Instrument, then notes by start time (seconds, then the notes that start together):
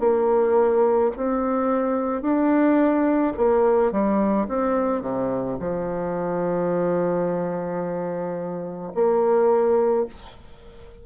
bassoon
0.00 A#3
1.17 C4
2.22 D4
3.37 A#3
3.92 G3
4.48 C4
5.02 C3
5.59 F3
8.94 A#3